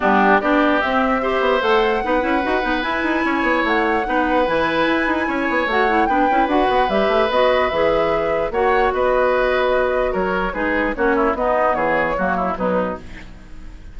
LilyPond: <<
  \new Staff \with { instrumentName = "flute" } { \time 4/4 \tempo 4 = 148 g'4 d''4 e''2 | fis''2. gis''4~ | gis''4 fis''2 gis''4~ | gis''2 fis''4 g''4 |
fis''4 e''4 dis''4 e''4~ | e''4 fis''4 dis''2~ | dis''4 cis''4 b'4 cis''4 | dis''4 cis''2 b'4 | }
  \new Staff \with { instrumentName = "oboe" } { \time 4/4 d'4 g'2 c''4~ | c''4 b'2. | cis''2 b'2~ | b'4 cis''2 b'4~ |
b'1~ | b'4 cis''4 b'2~ | b'4 ais'4 gis'4 fis'8 e'8 | dis'4 gis'4 fis'8 e'8 dis'4 | }
  \new Staff \with { instrumentName = "clarinet" } { \time 4/4 b4 d'4 c'4 g'4 | a'4 dis'8 e'8 fis'8 dis'8 e'4~ | e'2 dis'4 e'4~ | e'2 fis'8 e'8 d'8 e'8 |
fis'4 g'4 fis'4 gis'4~ | gis'4 fis'2.~ | fis'2 dis'4 cis'4 | b2 ais4 fis4 | }
  \new Staff \with { instrumentName = "bassoon" } { \time 4/4 g4 b4 c'4. b8 | a4 b8 cis'8 dis'8 b8 e'8 dis'8 | cis'8 b8 a4 b4 e4 | e'8 dis'8 cis'8 b8 a4 b8 cis'8 |
d'8 b8 g8 a8 b4 e4~ | e4 ais4 b2~ | b4 fis4 gis4 ais4 | b4 e4 fis4 b,4 | }
>>